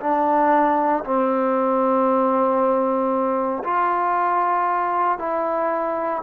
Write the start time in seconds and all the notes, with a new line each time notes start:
0.00 D4
1.04 C4
3.63 F4
5.19 E4